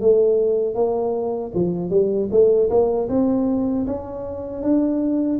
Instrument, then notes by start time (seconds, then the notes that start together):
tuba
0.00 A3
0.74 A#3
1.54 F3
1.90 G3
2.31 A3
2.70 A#3
3.09 C4
3.86 C#4
4.63 D4